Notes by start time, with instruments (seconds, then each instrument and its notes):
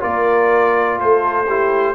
0.00 tuba A#3, trombone F4, horn A#4, trumpet D5
1.00 tuba A3, horn A4, trumpet C5
1.47 trombone E4, horn G4